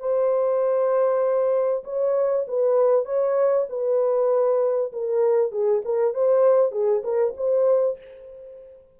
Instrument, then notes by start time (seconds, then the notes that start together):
horn
0.00 C5
1.85 C#5
2.48 B4
3.06 C#5
3.70 B4
4.93 A#4
5.52 G#4
5.85 A#4
6.14 C5
6.72 G#4
7.04 A#4
7.37 C5